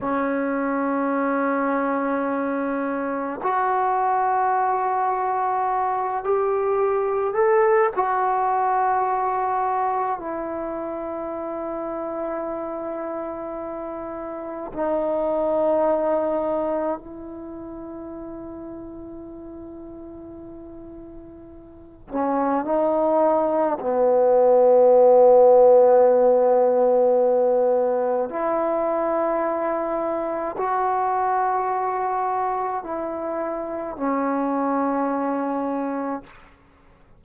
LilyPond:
\new Staff \with { instrumentName = "trombone" } { \time 4/4 \tempo 4 = 53 cis'2. fis'4~ | fis'4. g'4 a'8 fis'4~ | fis'4 e'2.~ | e'4 dis'2 e'4~ |
e'2.~ e'8 cis'8 | dis'4 b2.~ | b4 e'2 fis'4~ | fis'4 e'4 cis'2 | }